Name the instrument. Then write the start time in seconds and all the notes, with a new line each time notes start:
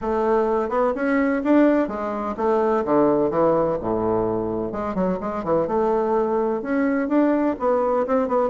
bassoon
0.01 A3
0.69 B3
0.95 C#4
1.44 D4
1.87 G#3
2.36 A3
2.85 D3
3.30 E3
3.80 A2
4.72 G#3
4.94 F#3
5.20 G#3
5.43 E3
5.67 A3
6.62 C#4
7.08 D4
7.59 B3
8.07 C4
8.28 B3